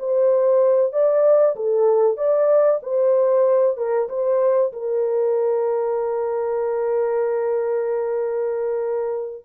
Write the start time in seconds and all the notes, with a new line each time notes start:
0.00 C5
0.93 D5
1.56 A4
2.17 D5
2.83 C5
3.78 A#4
4.10 C5
4.73 A#4